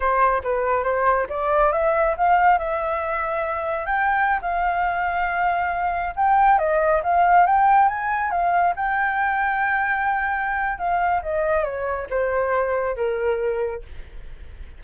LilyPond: \new Staff \with { instrumentName = "flute" } { \time 4/4 \tempo 4 = 139 c''4 b'4 c''4 d''4 | e''4 f''4 e''2~ | e''4 g''4~ g''16 f''4.~ f''16~ | f''2~ f''16 g''4 dis''8.~ |
dis''16 f''4 g''4 gis''4 f''8.~ | f''16 g''2.~ g''8.~ | g''4 f''4 dis''4 cis''4 | c''2 ais'2 | }